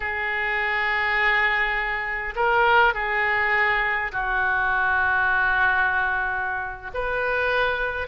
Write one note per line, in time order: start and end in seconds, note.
0.00 2.34 G#4
2.35 2.94 A#4
2.94 4.11 G#4
4.11 6.91 F#4
6.94 8.07 B4